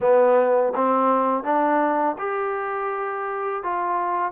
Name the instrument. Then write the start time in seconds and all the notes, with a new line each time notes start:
trombone
0.00 B3
0.75 C4
1.43 D4
2.18 G4
3.63 F4